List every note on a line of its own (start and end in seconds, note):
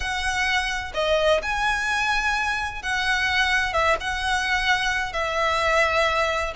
0.00 0.92 F#5
0.94 1.41 D#5
1.42 2.82 G#5
2.82 3.73 F#5
3.73 3.96 E5
4.00 5.13 F#5
5.13 6.53 E5